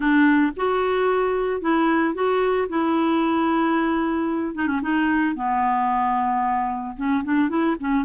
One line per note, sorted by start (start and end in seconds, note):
0.00 0.52 D4
0.56 1.61 F#4
1.61 2.14 E4
2.14 2.68 F#4
2.68 4.55 E4
4.55 4.67 D#4
4.67 4.80 C#4
4.82 5.35 D#4
5.35 6.96 B3
6.96 7.23 C#4
7.24 7.49 D4
7.49 7.76 E4
7.79 8.05 C#4